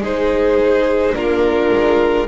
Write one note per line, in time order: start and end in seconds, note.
0.00 1.13 G#3
0.00 1.13 D#4
0.00 1.14 G#4
0.00 1.15 C5
1.13 1.71 A#3
1.13 2.26 D4
1.13 2.27 F4
1.13 2.27 A#4
1.72 2.27 G#3